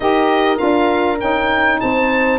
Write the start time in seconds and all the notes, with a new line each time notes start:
0.00 D#4 G4 A#4 D#5
0.56 D4 F4 F5
1.20 C#4 D#4 G5
1.79 C4 C5 A5